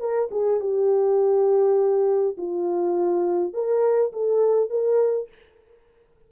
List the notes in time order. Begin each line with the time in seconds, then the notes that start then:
0.00 A#4
0.31 G#4
0.61 G4
2.38 F4
3.54 A#4
4.13 A4
4.70 A#4